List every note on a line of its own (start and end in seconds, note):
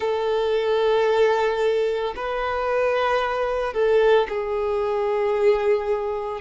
0.00 2.14 A4
2.16 3.73 B4
3.73 4.27 A4
4.29 6.41 G#4